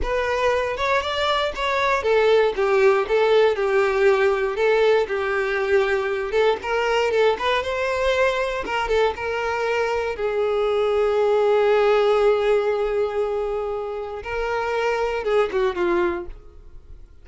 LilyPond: \new Staff \with { instrumentName = "violin" } { \time 4/4 \tempo 4 = 118 b'4. cis''8 d''4 cis''4 | a'4 g'4 a'4 g'4~ | g'4 a'4 g'2~ | g'8 a'8 ais'4 a'8 b'8 c''4~ |
c''4 ais'8 a'8 ais'2 | gis'1~ | gis'1 | ais'2 gis'8 fis'8 f'4 | }